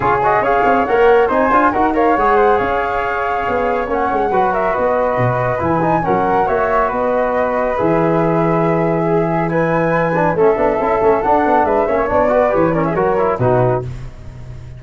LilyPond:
<<
  \new Staff \with { instrumentName = "flute" } { \time 4/4 \tempo 4 = 139 cis''8 dis''8 f''4 fis''4 gis''4 | fis''8 f''8 fis''4 f''2~ | f''4 fis''4. e''8 dis''4~ | dis''4 gis''4 fis''4 e''4 |
dis''2 e''2~ | e''2 gis''2 | e''2 fis''4 e''4 | d''4 cis''8 d''16 e''16 cis''4 b'4 | }
  \new Staff \with { instrumentName = "flute" } { \time 4/4 gis'4 cis''2 c''4 | ais'8 cis''4 c''8 cis''2~ | cis''2 b'8 ais'8 b'4~ | b'2 ais'4 cis''4 |
b'1~ | b'4 gis'4 b'2 | a'2. b'8 cis''8~ | cis''8 b'4 ais'16 gis'16 ais'4 fis'4 | }
  \new Staff \with { instrumentName = "trombone" } { \time 4/4 f'8 fis'8 gis'4 ais'4 dis'8 f'8 | fis'8 ais'8 gis'2.~ | gis'4 cis'4 fis'2~ | fis'4 e'8 dis'8 cis'4 fis'4~ |
fis'2 gis'2~ | gis'2 e'4. d'8 | cis'8 d'8 e'8 cis'8 d'4. cis'8 | d'8 fis'8 g'8 cis'8 fis'8 e'8 dis'4 | }
  \new Staff \with { instrumentName = "tuba" } { \time 4/4 cis4 cis'8 c'8 ais4 c'8 d'8 | dis'4 gis4 cis'2 | b4 ais8 gis8 fis4 b4 | b,4 e4 fis4 ais4 |
b2 e2~ | e1 | a8 b8 cis'8 a8 d'8 b8 gis8 ais8 | b4 e4 fis4 b,4 | }
>>